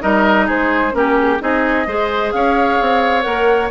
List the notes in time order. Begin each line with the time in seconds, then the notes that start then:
0.00 G3 D#4 A#4 D#5
0.46 G#3 G#4 C5
0.92 A#3 C#4 G4 A#4
1.18 G#4
1.39 C4 D#4 G#4 D#5
1.86 G#3 G#4 C5
2.31 C#4 C#5 F5
2.80 C4
3.22 A#3 A#4 F#5